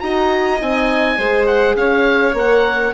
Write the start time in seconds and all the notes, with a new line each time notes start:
0.00 D#4 F#4 D#5 A#5
0.59 C4 D#4 G#5
1.18 G#3 G#4 C5
1.47 F#5
1.76 C#4 C#5 F5
2.34 A#3 A#4 F#5